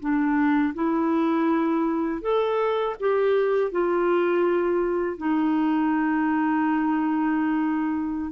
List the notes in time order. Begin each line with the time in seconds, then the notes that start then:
0.00 D4
0.74 E4
2.22 A4
3.00 G4
3.72 F4
5.18 D#4